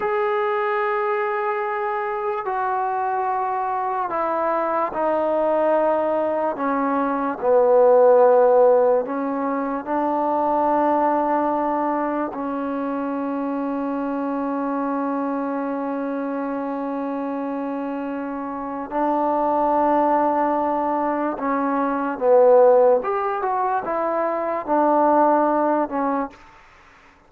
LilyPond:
\new Staff \with { instrumentName = "trombone" } { \time 4/4 \tempo 4 = 73 gis'2. fis'4~ | fis'4 e'4 dis'2 | cis'4 b2 cis'4 | d'2. cis'4~ |
cis'1~ | cis'2. d'4~ | d'2 cis'4 b4 | g'8 fis'8 e'4 d'4. cis'8 | }